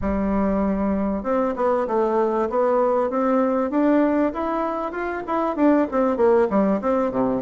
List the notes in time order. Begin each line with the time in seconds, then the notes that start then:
0.01 G3
1.23 C4
1.55 B3
1.87 A3
2.49 B3
3.10 C4
3.70 D4
4.33 E4
4.91 F4
5.26 E4
5.55 D4
5.91 C4
6.16 A#3
6.49 G3
6.81 C4
7.11 C3